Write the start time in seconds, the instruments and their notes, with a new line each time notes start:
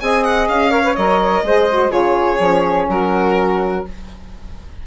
0.00 bassoon C4, saxophone G#4, flute D#5, violin G#5
0.23 violin F#5
0.48 bassoon C#4, violin F5
0.70 saxophone A#4, flute C#5
0.83 saxophone B4
0.95 bassoon F#3, saxophone A#4, violin D#5
1.42 bassoon G#3, saxophone G#4, flute C5
1.71 saxophone F#4
1.89 bassoon C#3, saxophone F4, flute G#4, violin C#5
2.39 bassoon F3, saxophone C#4
2.88 bassoon F#3, flute F#4, violin A#4